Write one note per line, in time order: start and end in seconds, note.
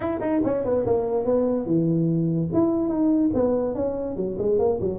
0.00 0.20 E4
0.20 0.41 D#4
0.44 0.64 C#4
0.64 0.85 B3
0.86 1.24 A#3
1.24 1.66 B3
1.66 2.49 E3
2.53 2.88 E4
2.88 3.30 D#4
3.34 3.74 B3
3.74 4.16 C#4
4.16 4.37 F#3
4.38 4.59 G#3
4.59 4.79 A#3
4.80 4.98 F#3